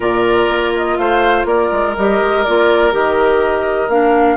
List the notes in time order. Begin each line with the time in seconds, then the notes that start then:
0.00 A#2 F4 A#4 D5
0.48 A#3
0.76 D#5
0.97 A3 C5 F5
1.44 A#3 A#4 D5
1.71 G#3
1.96 G3 G4 D#5
2.21 G#3
2.43 A#3 F4 D5
2.91 D#3 G4 D#5
3.88 A#3 D4 F5